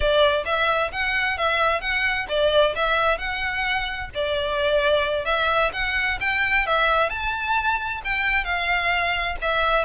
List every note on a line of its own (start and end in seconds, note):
0.00 0.44 D5
0.45 0.91 E5
0.92 1.37 F#5
1.37 1.80 E5
1.80 2.26 F#5
2.29 2.74 D5
2.75 3.17 E5
3.17 4.09 F#5
4.14 5.25 D5
5.25 5.71 E5
5.73 6.18 F#5
6.20 6.66 G5
6.66 7.09 E5
7.09 8.01 A5
8.04 8.44 G5
8.44 9.36 F5
9.41 9.84 E5